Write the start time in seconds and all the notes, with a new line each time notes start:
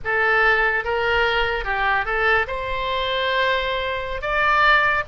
0.04 A4
0.84 A#4
1.64 G4
2.05 A4
2.47 C5
4.21 D5